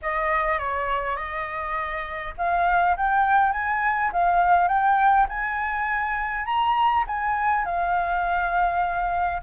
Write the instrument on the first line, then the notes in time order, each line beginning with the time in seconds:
flute
0.02 D#5
0.58 C#5
1.16 D#5
2.37 F5
2.96 G5
3.52 G#5
4.12 F5
4.67 G5
5.29 G#5
6.45 A#5
7.07 G#5
7.65 F5